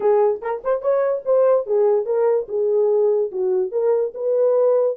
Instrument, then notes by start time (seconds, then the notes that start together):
horn
0.00 G#4
0.41 A#4
0.64 C5
0.81 C#5
1.25 C5
1.66 G#4
2.05 A#4
2.48 G#4
3.31 F#4
3.71 A#4
4.14 B4